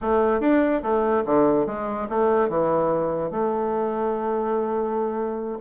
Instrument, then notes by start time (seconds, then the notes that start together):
bassoon
0.01 A3
0.40 D4
0.82 A3
1.25 D3
1.66 G#3
2.09 A3
2.48 E3
3.30 A3